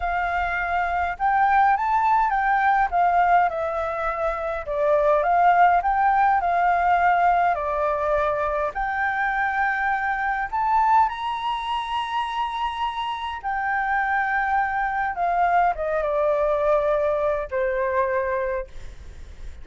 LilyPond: \new Staff \with { instrumentName = "flute" } { \time 4/4 \tempo 4 = 103 f''2 g''4 a''4 | g''4 f''4 e''2 | d''4 f''4 g''4 f''4~ | f''4 d''2 g''4~ |
g''2 a''4 ais''4~ | ais''2. g''4~ | g''2 f''4 dis''8 d''8~ | d''2 c''2 | }